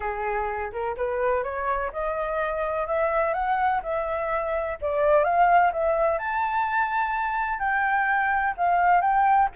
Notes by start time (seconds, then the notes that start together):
0.00 G#4
0.72 A#4
0.96 B4
1.43 C#5
1.92 D#5
2.87 E5
3.33 F#5
3.82 E5
4.81 D5
5.24 F5
5.72 E5
6.18 A5
7.59 G5
8.57 F5
9.01 G5